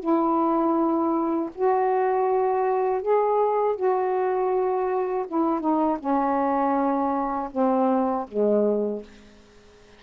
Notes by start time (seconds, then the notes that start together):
0.00 E4
1.54 F#4
3.02 G#4
3.76 F#4
5.28 E4
5.60 D#4
5.99 C#4
7.51 C4
8.28 G#3